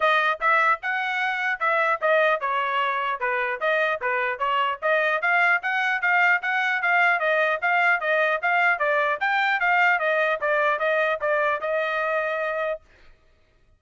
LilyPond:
\new Staff \with { instrumentName = "trumpet" } { \time 4/4 \tempo 4 = 150 dis''4 e''4 fis''2 | e''4 dis''4 cis''2 | b'4 dis''4 b'4 cis''4 | dis''4 f''4 fis''4 f''4 |
fis''4 f''4 dis''4 f''4 | dis''4 f''4 d''4 g''4 | f''4 dis''4 d''4 dis''4 | d''4 dis''2. | }